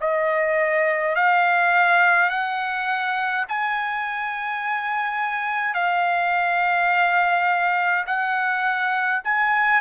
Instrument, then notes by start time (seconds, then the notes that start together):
trumpet
0.00 D#5
1.15 F5
2.30 F#5
3.48 G#5
5.74 F5
8.06 F#5
9.24 G#5